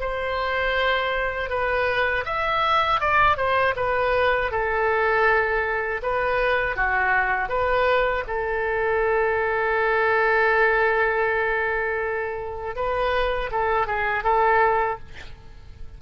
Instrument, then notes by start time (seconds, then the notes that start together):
oboe
0.00 C5
1.49 B4
2.25 E5
3.00 D5
3.37 C5
3.76 B4
4.51 A4
6.02 B4
6.76 F#4
7.49 B4
8.27 A4
12.75 B4
13.51 A4
13.86 G#4
14.24 A4